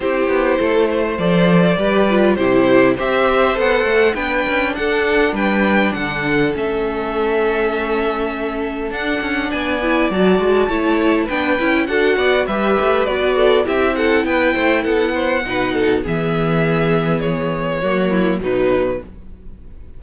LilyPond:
<<
  \new Staff \with { instrumentName = "violin" } { \time 4/4 \tempo 4 = 101 c''2 d''2 | c''4 e''4 fis''4 g''4 | fis''4 g''4 fis''4 e''4~ | e''2. fis''4 |
gis''4 a''2 g''4 | fis''4 e''4 d''4 e''8 fis''8 | g''4 fis''2 e''4~ | e''4 cis''2 b'4 | }
  \new Staff \with { instrumentName = "violin" } { \time 4/4 g'4 a'8 c''4. b'4 | g'4 c''2 b'4 | a'4 b'4 a'2~ | a'1 |
d''2 cis''4 b'4 | a'8 d''8 b'4. a'8 g'8 a'8 | b'8 c''8 a'8 c''8 b'8 a'8 gis'4~ | gis'2 fis'8 e'8 dis'4 | }
  \new Staff \with { instrumentName = "viola" } { \time 4/4 e'2 a'4 g'8 f'8 | e'4 g'4 a'4 d'4~ | d'2. cis'4~ | cis'2. d'4~ |
d'8 e'8 fis'4 e'4 d'8 e'8 | fis'4 g'4 fis'4 e'4~ | e'2 dis'4 b4~ | b2 ais4 fis4 | }
  \new Staff \with { instrumentName = "cello" } { \time 4/4 c'8 b8 a4 f4 g4 | c4 c'4 b8 a8 b8 cis'8 | d'4 g4 d4 a4~ | a2. d'8 cis'8 |
b4 fis8 gis8 a4 b8 cis'8 | d'8 b8 g8 a8 b4 c'4 | b8 a8 b4 b,4 e4~ | e2 fis4 b,4 | }
>>